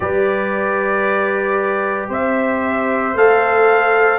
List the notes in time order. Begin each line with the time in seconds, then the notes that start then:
0.00 G3 G4 B4 D5
2.09 C4 C5 E5
3.14 A3 A4 F5